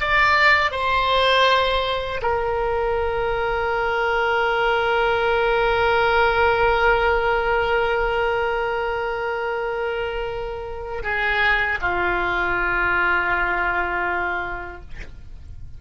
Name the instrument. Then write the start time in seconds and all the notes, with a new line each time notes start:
oboe
0.00 D5
0.71 C5
2.22 A#4
11.03 G#4
11.81 F4